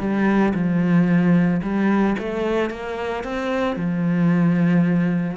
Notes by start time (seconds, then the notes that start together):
0.00 G3
0.55 F3
1.63 G3
2.19 A3
2.71 A#3
3.24 C4
3.76 F3